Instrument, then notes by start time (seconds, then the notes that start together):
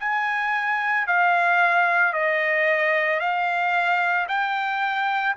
trumpet
0.00 G#5
1.07 F5
2.13 D#5
3.20 F5
4.28 G5